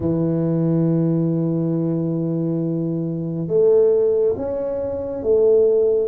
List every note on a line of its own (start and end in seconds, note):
0.00 3.47 E3
3.47 4.34 A3
4.36 5.22 C#4
5.22 6.08 A3